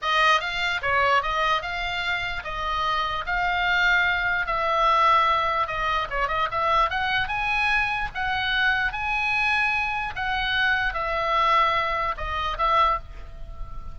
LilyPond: \new Staff \with { instrumentName = "oboe" } { \time 4/4 \tempo 4 = 148 dis''4 f''4 cis''4 dis''4 | f''2 dis''2 | f''2. e''4~ | e''2 dis''4 cis''8 dis''8 |
e''4 fis''4 gis''2 | fis''2 gis''2~ | gis''4 fis''2 e''4~ | e''2 dis''4 e''4 | }